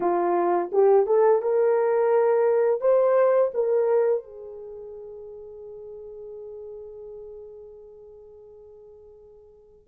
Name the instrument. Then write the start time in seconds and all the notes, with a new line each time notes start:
horn
0.00 F4
0.72 G4
1.06 A4
1.41 A#4
2.80 C5
3.54 A#4
4.23 G#4